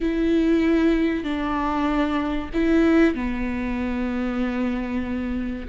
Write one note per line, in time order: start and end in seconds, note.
0.01 1.23 E4
1.23 2.50 D4
2.53 3.14 E4
3.14 5.67 B3